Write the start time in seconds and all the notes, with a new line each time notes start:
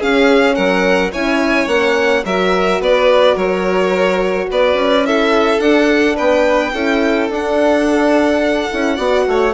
0.00 C#4 G#4 F5
0.55 F#3 A#4 F#5
1.12 C#4 E4 C#5 G#5
1.67 A#3 C#4 F#5
2.25 F#3 F#4 A#4 E5
2.81 B3 B4 D5
3.35 F#3 A#4 C#5
4.51 B3 B4 D5
4.74 C#4
5.05 E4 A4 E5
5.60 D4 F#5
6.16 B3 B4 G5
6.73 C#4 E4 A4
7.29 D4 F#5
8.70 C#4 E4
8.96 B3 F#4 D5
9.28 A3 C#5